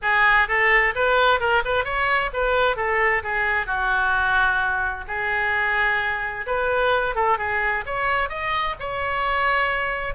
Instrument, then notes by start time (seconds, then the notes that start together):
oboe
0.02 G#4
0.47 A4
0.95 B4
1.40 A#4
1.64 B4
1.84 C#5
2.33 B4
2.76 A4
3.23 G#4
3.66 F#4
5.07 G#4
6.46 B4
7.15 A4
7.38 G#4
7.85 C#5
8.29 D#5
8.79 C#5